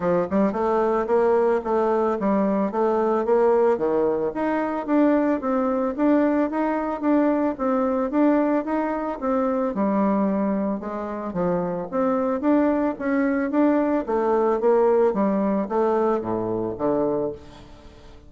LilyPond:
\new Staff \with { instrumentName = "bassoon" } { \time 4/4 \tempo 4 = 111 f8 g8 a4 ais4 a4 | g4 a4 ais4 dis4 | dis'4 d'4 c'4 d'4 | dis'4 d'4 c'4 d'4 |
dis'4 c'4 g2 | gis4 f4 c'4 d'4 | cis'4 d'4 a4 ais4 | g4 a4 a,4 d4 | }